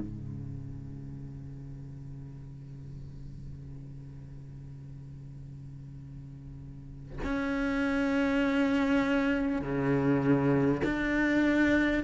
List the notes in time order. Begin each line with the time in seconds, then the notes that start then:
0.00 C#3
7.24 C#4
9.62 C#3
10.84 D4